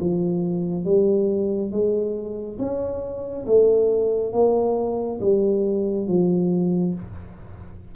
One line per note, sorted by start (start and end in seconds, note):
0.00 0.85 F3
0.85 1.72 G3
1.72 2.58 G#3
2.58 3.45 C#4
3.46 4.32 A3
4.32 5.19 A#3
5.21 6.08 G3
6.08 6.94 F3